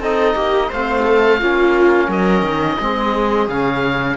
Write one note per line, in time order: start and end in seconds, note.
0.00 0.35 C4
0.00 0.73 D#4
0.00 0.35 A4
0.00 0.72 D#5
0.35 0.70 A#3
0.35 0.68 G4
0.68 1.42 A3
0.68 1.41 C4
0.68 1.03 C5
0.68 2.11 F5
1.05 1.40 A4
1.40 2.08 A#3
1.40 2.80 C#4
1.40 2.07 F4
2.07 2.42 F#3
2.07 2.77 A#4
2.07 3.49 D#5
2.42 2.77 D#3
2.80 3.48 G#3
2.80 3.50 C4
2.80 4.17 G#4
3.48 4.17 C#3
3.48 4.17 C#4
3.48 4.17 F5